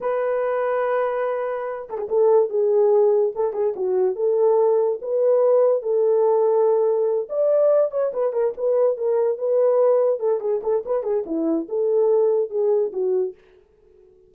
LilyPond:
\new Staff \with { instrumentName = "horn" } { \time 4/4 \tempo 4 = 144 b'1~ | b'8 a'16 gis'16 a'4 gis'2 | a'8 gis'8 fis'4 a'2 | b'2 a'2~ |
a'4. d''4. cis''8 b'8 | ais'8 b'4 ais'4 b'4.~ | b'8 a'8 gis'8 a'8 b'8 gis'8 e'4 | a'2 gis'4 fis'4 | }